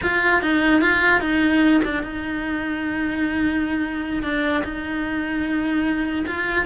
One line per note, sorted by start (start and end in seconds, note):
0.03 0.42 F4
0.42 0.81 D#4
0.81 1.20 F4
1.20 1.81 D#4
1.84 2.02 D4
2.02 4.23 D#4
4.23 4.63 D4
4.64 6.25 D#4
6.27 6.65 F4